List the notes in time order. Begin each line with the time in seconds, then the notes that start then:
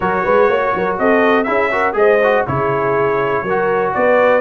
0.00 F#3 F#4 A#4 C#5
0.24 G#3 B4
0.49 A#3 C#5
0.74 F#3 A#4
0.98 C4 A4 D#5
1.43 C#4 E4 G#4 E5
1.71 F#4 A#4
1.93 G#3 G#4 C5 D#5
2.23 F#4
2.46 C#3 E4 G#4 C#5
3.42 F#3 A#4
3.49 F#4
3.93 B3 B4 D5